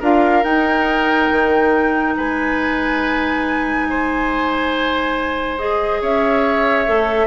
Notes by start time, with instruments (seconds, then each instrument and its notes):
0.00 bassoon D4, clarinet F4, oboe A#4, flute F5
0.44 bassoon D#4, clarinet D#4, flute G5
1.31 bassoon D#3
2.16 bassoon G#3, oboe B4, flute G#5
3.89 oboe C5
5.58 clarinet G#4, flute D#5
6.01 bassoon C#4, oboe C#5, flute E5
6.86 bassoon A3, clarinet A4